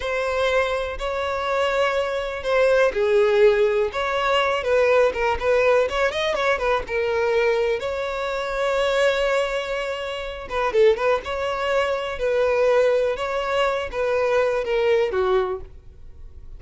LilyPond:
\new Staff \with { instrumentName = "violin" } { \time 4/4 \tempo 4 = 123 c''2 cis''2~ | cis''4 c''4 gis'2 | cis''4. b'4 ais'8 b'4 | cis''8 dis''8 cis''8 b'8 ais'2 |
cis''1~ | cis''4. b'8 a'8 b'8 cis''4~ | cis''4 b'2 cis''4~ | cis''8 b'4. ais'4 fis'4 | }